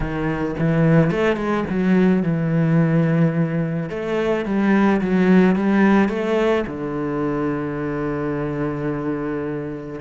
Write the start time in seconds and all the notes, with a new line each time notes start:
0.00 D#3
0.58 E3
1.11 A3
1.36 G#3
1.69 F#3
2.22 E3
3.89 A3
4.45 G3
5.01 F#3
5.55 G3
6.08 A3
6.66 D3